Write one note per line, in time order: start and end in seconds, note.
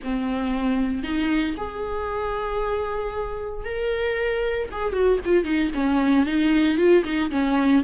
0.03 1.03 C4
1.03 1.55 D#4
1.57 3.65 G#4
3.65 4.69 A#4
4.71 4.93 G#4
4.93 5.19 F#4
5.25 5.44 F4
5.44 5.70 D#4
5.74 6.26 C#4
6.26 6.77 D#4
6.77 7.03 F4
7.04 7.30 D#4
7.30 7.83 C#4